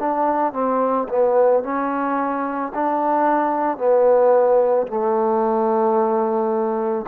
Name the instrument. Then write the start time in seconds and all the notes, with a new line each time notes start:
trombone
0.00 D4
0.53 C4
1.09 B3
1.63 C#4
2.75 D4
3.78 B3
4.87 A3